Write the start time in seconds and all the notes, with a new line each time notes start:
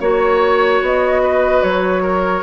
0.00 A#3 F#4 C#5
0.81 B3 D#5
1.22 B4
1.63 F#3 C#5
2.03 A#4